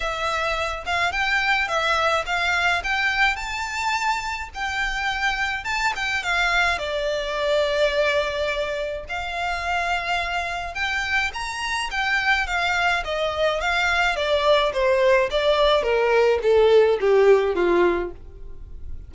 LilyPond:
\new Staff \with { instrumentName = "violin" } { \time 4/4 \tempo 4 = 106 e''4. f''8 g''4 e''4 | f''4 g''4 a''2 | g''2 a''8 g''8 f''4 | d''1 |
f''2. g''4 | ais''4 g''4 f''4 dis''4 | f''4 d''4 c''4 d''4 | ais'4 a'4 g'4 f'4 | }